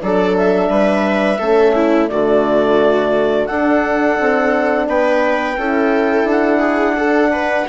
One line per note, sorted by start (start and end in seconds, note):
0.00 0.69 F#3
0.00 1.40 D4
0.00 0.70 A4
0.00 0.36 D5
0.37 2.09 E5
0.69 1.39 G3
0.69 1.39 B4
1.39 2.10 A3
1.39 2.08 C#4
1.39 1.74 A4
1.75 2.10 E4
2.08 3.50 D3
2.08 3.48 A3
2.08 3.48 F#4
2.08 3.46 D5
3.46 5.59 D4
3.46 4.20 D4
3.46 4.88 A4
3.46 4.86 F#5
4.20 4.88 C4
4.88 5.57 B3
4.88 5.57 B4
4.88 6.29 G5
5.57 6.24 C#4
5.57 6.99 E4
5.57 6.60 A4
6.24 7.64 D4
6.31 7.69 F#5
6.60 6.94 G#4
6.97 7.69 D4
6.97 7.32 A4
7.32 7.67 B4